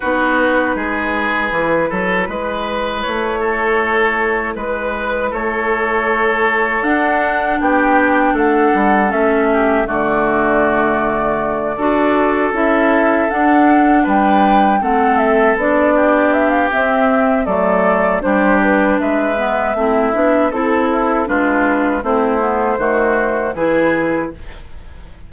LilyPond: <<
  \new Staff \with { instrumentName = "flute" } { \time 4/4 \tempo 4 = 79 b'1 | cis''2 b'4 cis''4~ | cis''4 fis''4 g''4 fis''4 | e''4 d''2.~ |
d''8 e''4 fis''4 g''4 fis''8 | e''8 d''4 e''16 f''16 e''4 d''4 | c''8 b'8 e''2 a'4 | b'4 c''2 b'4 | }
  \new Staff \with { instrumentName = "oboe" } { \time 4/4 fis'4 gis'4. a'8 b'4~ | b'8 a'4. b'4 a'4~ | a'2 g'4 a'4~ | a'8 g'8 fis'2~ fis'8 a'8~ |
a'2~ a'8 b'4 a'8~ | a'4 g'2 a'4 | g'4 b'4 e'4 a'8 e'8 | f'4 e'4 fis'4 gis'4 | }
  \new Staff \with { instrumentName = "clarinet" } { \time 4/4 dis'2 e'2~ | e'1~ | e'4 d'2. | cis'4 a2~ a8 fis'8~ |
fis'8 e'4 d'2 c'8~ | c'8 d'4. c'4 a4 | d'4. b8 c'8 d'8 e'4 | d'4 c'8 b8 a4 e'4 | }
  \new Staff \with { instrumentName = "bassoon" } { \time 4/4 b4 gis4 e8 fis8 gis4 | a2 gis4 a4~ | a4 d'4 b4 a8 g8 | a4 d2~ d8 d'8~ |
d'8 cis'4 d'4 g4 a8~ | a8 b4. c'4 fis4 | g4 gis4 a8 b8 c'4 | gis4 a4 dis4 e4 | }
>>